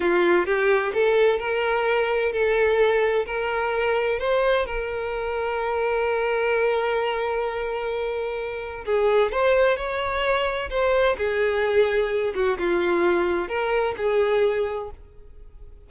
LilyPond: \new Staff \with { instrumentName = "violin" } { \time 4/4 \tempo 4 = 129 f'4 g'4 a'4 ais'4~ | ais'4 a'2 ais'4~ | ais'4 c''4 ais'2~ | ais'1~ |
ais'2. gis'4 | c''4 cis''2 c''4 | gis'2~ gis'8 fis'8 f'4~ | f'4 ais'4 gis'2 | }